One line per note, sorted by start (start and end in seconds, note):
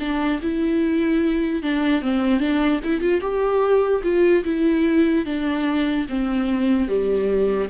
0.00 0.41 D4
0.42 1.63 E4
1.63 2.02 D4
2.02 2.40 C4
2.40 2.80 D4
2.84 3.01 E4
3.01 3.21 F4
3.21 4.02 G4
4.04 4.44 F4
4.44 5.26 E4
5.26 6.07 D4
6.09 6.88 C4
6.88 7.69 G3